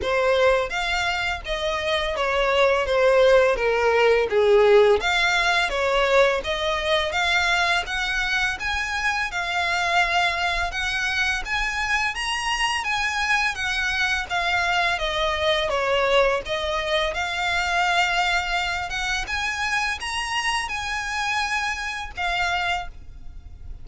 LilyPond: \new Staff \with { instrumentName = "violin" } { \time 4/4 \tempo 4 = 84 c''4 f''4 dis''4 cis''4 | c''4 ais'4 gis'4 f''4 | cis''4 dis''4 f''4 fis''4 | gis''4 f''2 fis''4 |
gis''4 ais''4 gis''4 fis''4 | f''4 dis''4 cis''4 dis''4 | f''2~ f''8 fis''8 gis''4 | ais''4 gis''2 f''4 | }